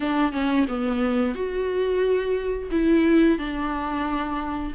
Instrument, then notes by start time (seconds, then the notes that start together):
viola
0.00 D4
0.32 C#4
0.67 B3
1.35 F#4
2.71 E4
3.38 D4